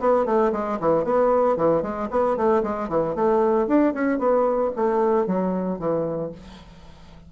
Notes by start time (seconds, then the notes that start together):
0.00 B3
0.26 A3
0.53 G#3
0.80 E3
1.04 B3
1.57 E3
1.83 G#3
2.11 B3
2.37 A3
2.63 G#3
2.89 E3
3.15 A3
3.68 D4
3.94 C#4
4.19 B3
4.76 A3
5.27 F#3
5.79 E3